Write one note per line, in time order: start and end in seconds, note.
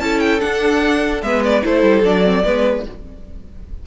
0.00 0.41 C#4
0.00 0.40 E4
0.00 1.25 A4
0.00 0.19 A5
0.19 0.40 G5
0.40 1.21 D4
0.40 1.22 D4
0.40 1.22 F#5
1.22 1.63 G#3
1.22 1.62 B3
1.22 1.65 B4
1.22 1.42 E5
1.44 1.64 D5
1.62 1.82 A3
1.62 2.03 E4
1.62 2.44 A4
1.62 2.05 C5
1.82 2.03 G3
2.03 2.43 F#3
2.03 2.24 D4
2.03 2.86 D5
2.24 2.44 C4
2.44 2.86 G#3
2.44 2.85 B3
2.44 2.85 B4